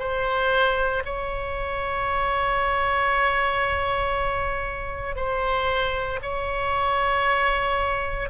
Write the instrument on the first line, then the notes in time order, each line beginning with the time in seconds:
oboe
0.00 C5
1.05 C#5
5.16 C5
6.23 C#5